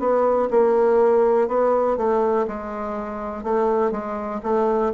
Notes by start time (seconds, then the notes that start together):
0.00 B3
0.51 A#3
1.48 B3
1.97 A3
2.48 G#3
3.44 A3
3.92 G#3
4.43 A3